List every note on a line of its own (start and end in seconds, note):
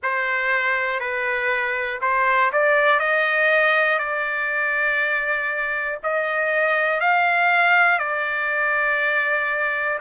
0.02 1.00 C5
1.00 2.00 B4
2.00 2.50 C5
2.52 3.00 D5
3.00 3.98 D#5
3.98 5.98 D5
6.03 7.00 D#5
7.00 7.98 F5
7.98 9.98 D5